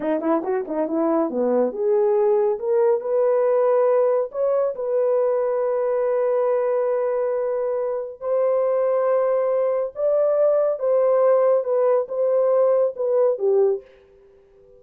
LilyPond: \new Staff \with { instrumentName = "horn" } { \time 4/4 \tempo 4 = 139 dis'8 e'8 fis'8 dis'8 e'4 b4 | gis'2 ais'4 b'4~ | b'2 cis''4 b'4~ | b'1~ |
b'2. c''4~ | c''2. d''4~ | d''4 c''2 b'4 | c''2 b'4 g'4 | }